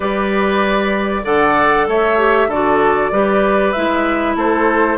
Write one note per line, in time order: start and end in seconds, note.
0.00 1.23 G3
0.00 1.24 G4
0.00 1.21 B4
0.00 1.25 D5
1.24 1.87 D3
1.24 2.18 A4
1.24 1.86 D5
1.24 1.87 F#5
1.87 2.47 A3
1.87 2.48 C#5
1.87 2.51 E5
2.18 2.49 G4
2.47 3.10 D3
2.47 3.12 F#4
2.47 3.10 A4
2.47 3.72 D5
3.11 3.74 G3
3.11 3.75 G4
3.11 4.36 B4
3.72 4.35 G#3
3.72 4.98 E4
3.72 4.34 E5
4.35 4.98 A3
4.35 4.98 A4
4.35 4.98 C5